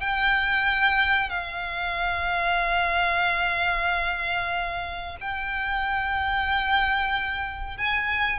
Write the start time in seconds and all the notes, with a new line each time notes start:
0.00 G5
1.29 F5
5.20 G5
7.77 G#5